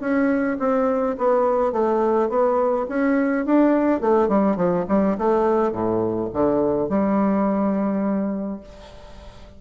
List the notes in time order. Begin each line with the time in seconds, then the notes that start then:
0.00 C#4
0.59 C4
1.18 B3
1.72 A3
2.29 B3
2.89 C#4
3.45 D4
4.01 A3
4.28 G3
4.56 F3
4.88 G3
5.18 A3
5.72 A2
6.33 D3
6.89 G3